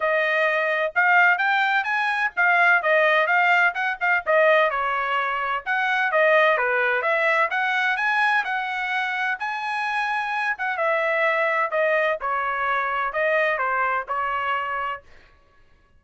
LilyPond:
\new Staff \with { instrumentName = "trumpet" } { \time 4/4 \tempo 4 = 128 dis''2 f''4 g''4 | gis''4 f''4 dis''4 f''4 | fis''8 f''8 dis''4 cis''2 | fis''4 dis''4 b'4 e''4 |
fis''4 gis''4 fis''2 | gis''2~ gis''8 fis''8 e''4~ | e''4 dis''4 cis''2 | dis''4 c''4 cis''2 | }